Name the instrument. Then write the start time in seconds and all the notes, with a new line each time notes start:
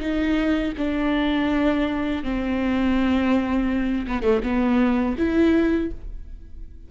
viola
0.00 D#4
0.77 D4
2.24 C4
4.07 B3
4.23 A3
4.43 B3
5.18 E4